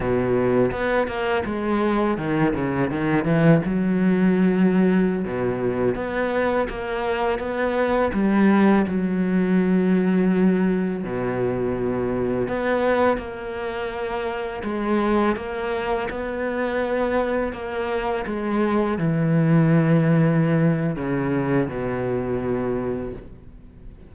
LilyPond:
\new Staff \with { instrumentName = "cello" } { \time 4/4 \tempo 4 = 83 b,4 b8 ais8 gis4 dis8 cis8 | dis8 e8 fis2~ fis16 b,8.~ | b,16 b4 ais4 b4 g8.~ | g16 fis2. b,8.~ |
b,4~ b,16 b4 ais4.~ ais16~ | ais16 gis4 ais4 b4.~ b16~ | b16 ais4 gis4 e4.~ e16~ | e4 cis4 b,2 | }